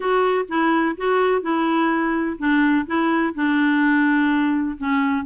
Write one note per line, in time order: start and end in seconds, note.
0.00 0.45 F#4
0.48 0.96 E4
0.97 1.42 F#4
1.42 2.37 E4
2.38 2.86 D4
2.86 3.33 E4
3.34 4.77 D4
4.77 5.25 C#4